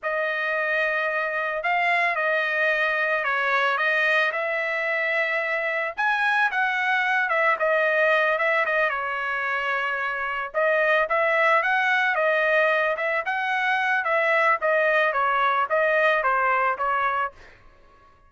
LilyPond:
\new Staff \with { instrumentName = "trumpet" } { \time 4/4 \tempo 4 = 111 dis''2. f''4 | dis''2 cis''4 dis''4 | e''2. gis''4 | fis''4. e''8 dis''4. e''8 |
dis''8 cis''2. dis''8~ | dis''8 e''4 fis''4 dis''4. | e''8 fis''4. e''4 dis''4 | cis''4 dis''4 c''4 cis''4 | }